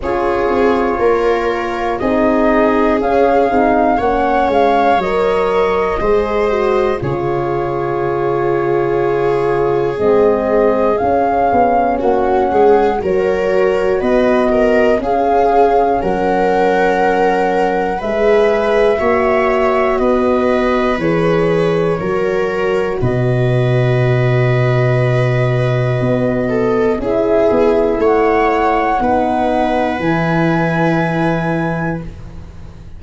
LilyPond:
<<
  \new Staff \with { instrumentName = "flute" } { \time 4/4 \tempo 4 = 60 cis''2 dis''4 f''4 | fis''8 f''8 dis''2 cis''4~ | cis''2 dis''4 f''4 | fis''4 cis''4 dis''4 f''4 |
fis''2 e''2 | dis''4 cis''2 dis''4~ | dis''2. e''4 | fis''2 gis''2 | }
  \new Staff \with { instrumentName = "viola" } { \time 4/4 gis'4 ais'4 gis'2 | cis''2 c''4 gis'4~ | gis'1 | fis'8 gis'8 ais'4 b'8 ais'8 gis'4 |
ais'2 b'4 cis''4 | b'2 ais'4 b'4~ | b'2~ b'8 a'8 gis'4 | cis''4 b'2. | }
  \new Staff \with { instrumentName = "horn" } { \time 4/4 f'2 dis'4 cis'8 dis'8 | cis'4 ais'4 gis'8 fis'8 f'4~ | f'2 c'4 cis'4~ | cis'4 fis'2 cis'4~ |
cis'2 gis'4 fis'4~ | fis'4 gis'4 fis'2~ | fis'2. e'4~ | e'4 dis'4 e'2 | }
  \new Staff \with { instrumentName = "tuba" } { \time 4/4 cis'8 c'8 ais4 c'4 cis'8 c'8 | ais8 gis8 fis4 gis4 cis4~ | cis2 gis4 cis'8 b8 | ais8 gis8 fis4 b4 cis'4 |
fis2 gis4 ais4 | b4 e4 fis4 b,4~ | b,2 b4 cis'8 b8 | a4 b4 e2 | }
>>